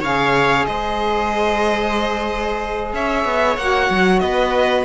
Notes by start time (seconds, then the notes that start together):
0.00 C#3 G#4 C#5 F5
0.66 G#3 C5 D#5
2.93 C#4 C#5 E5
3.24 B3
3.57 A#3 F#4 F#5
3.90 F#3
4.19 B3 B4 D#5